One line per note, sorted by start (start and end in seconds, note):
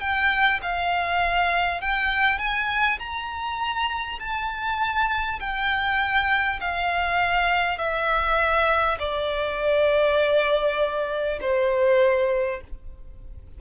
0.00 0.60 G5
0.62 1.81 F5
1.81 2.38 G5
2.38 2.98 G#5
2.99 4.19 A#5
4.19 5.39 A5
5.39 6.59 G5
6.61 7.78 F5
7.78 8.98 E5
8.99 11.39 D5
11.41 12.61 C5